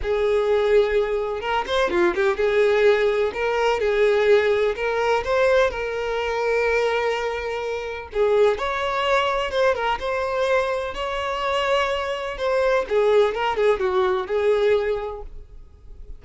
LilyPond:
\new Staff \with { instrumentName = "violin" } { \time 4/4 \tempo 4 = 126 gis'2. ais'8 c''8 | f'8 g'8 gis'2 ais'4 | gis'2 ais'4 c''4 | ais'1~ |
ais'4 gis'4 cis''2 | c''8 ais'8 c''2 cis''4~ | cis''2 c''4 gis'4 | ais'8 gis'8 fis'4 gis'2 | }